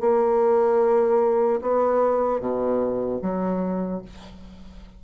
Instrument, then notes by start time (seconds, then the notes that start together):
bassoon
0.00 A#3
1.61 B3
2.40 B2
3.22 F#3